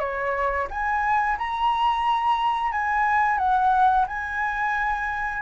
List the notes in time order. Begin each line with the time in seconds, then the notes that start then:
0.00 C#5
0.70 G#5
1.38 A#5
2.72 G#5
3.38 F#5
4.08 G#5